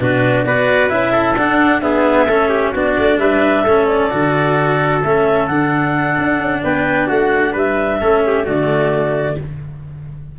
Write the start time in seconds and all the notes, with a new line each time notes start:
0.00 B2 D4 F#4 B4
0.44 B3 F#4 B4 D5
0.89 C#4 E4 E5
1.12 A4
1.37 D4 F#5
1.81 B3 G#4 E5
2.26 A3 C#4 A4
2.49 G4
2.72 B3 D4 F#4 D5
2.98 A3
3.18 G3 B4 E5
3.63 A3 C#4 A4
3.86 D5
4.10 D3 F#4
5.04 A3 C#4 E5
5.47 D3 D4 F#5
6.18 D4
6.39 C#4
6.63 B3 B4 G5
7.07 A3 F#4 F#5
7.52 G3 B4 E5
8.00 A3 C#4 A4
8.26 G4
8.44 D3 A3 F#4 D5